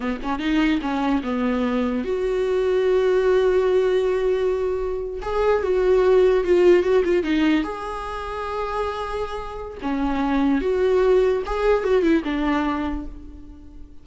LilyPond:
\new Staff \with { instrumentName = "viola" } { \time 4/4 \tempo 4 = 147 b8 cis'8 dis'4 cis'4 b4~ | b4 fis'2.~ | fis'1~ | fis'8. gis'4 fis'2 f'16~ |
f'8. fis'8 f'8 dis'4 gis'4~ gis'16~ | gis'1 | cis'2 fis'2 | gis'4 fis'8 e'8 d'2 | }